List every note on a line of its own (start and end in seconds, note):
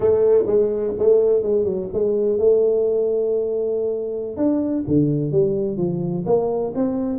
0.00 0.44 A3
0.46 0.93 G#3
0.98 1.42 A3
1.42 1.64 G#3
1.64 1.88 F#3
1.93 2.38 G#3
2.38 4.37 A3
4.37 4.84 D4
4.87 5.31 D3
5.31 5.77 G3
5.77 6.24 F3
6.26 6.73 A#3
6.75 7.18 C4